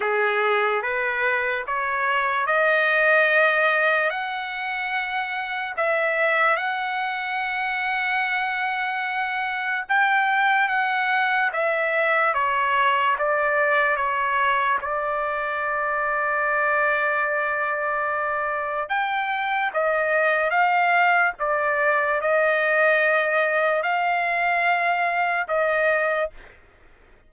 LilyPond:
\new Staff \with { instrumentName = "trumpet" } { \time 4/4 \tempo 4 = 73 gis'4 b'4 cis''4 dis''4~ | dis''4 fis''2 e''4 | fis''1 | g''4 fis''4 e''4 cis''4 |
d''4 cis''4 d''2~ | d''2. g''4 | dis''4 f''4 d''4 dis''4~ | dis''4 f''2 dis''4 | }